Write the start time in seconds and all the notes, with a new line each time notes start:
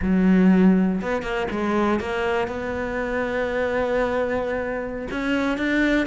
0.01 F#3
1.01 B3
1.22 A#3
1.50 G#3
1.99 A#3
2.47 B3
5.10 C#4
5.57 D4